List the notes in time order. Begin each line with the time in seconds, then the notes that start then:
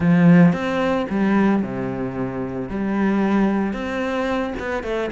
0.00 F3
0.53 C4
1.09 G3
1.62 C3
2.69 G3
3.73 C4
4.59 B3
4.83 A3